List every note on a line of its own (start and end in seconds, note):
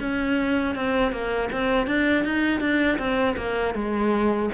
0.00 0.75 C#4
0.75 1.12 C4
1.12 1.49 A#3
1.52 1.87 C4
1.87 2.24 D4
2.24 2.60 D#4
2.60 2.98 D4
2.98 3.36 C4
3.37 3.74 A#3
3.74 4.49 G#3